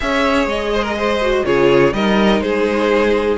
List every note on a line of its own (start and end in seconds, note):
0.00 0.46 C#4
0.00 1.21 G#4
0.00 0.73 C#5
0.00 0.47 E5
0.46 1.43 G#3
0.46 1.45 D#5
0.73 0.82 C5
0.82 0.94 A#4
0.97 1.45 C5
1.21 1.44 F#4
1.44 1.92 C#3
1.44 1.92 F4
1.44 1.94 G#4
1.44 1.93 C#5
1.92 2.40 G3
1.92 3.37 D#4
1.92 2.43 A#4
1.92 2.40 D#5
2.40 3.36 G#3
2.40 3.37 G#4
2.40 3.37 C5